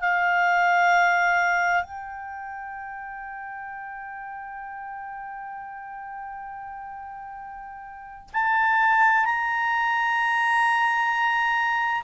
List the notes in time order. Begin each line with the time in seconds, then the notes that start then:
0.00 F5
1.83 G5
8.33 A5
9.25 A#5